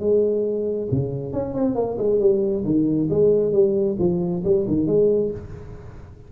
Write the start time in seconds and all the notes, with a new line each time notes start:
0.00 G#3
0.91 C#3
1.33 C#4
1.54 C4
1.75 A#3
1.99 G#3
2.20 G3
2.65 D#3
3.10 G#3
3.53 G3
3.99 F3
4.45 G3
4.68 D#3
4.87 G#3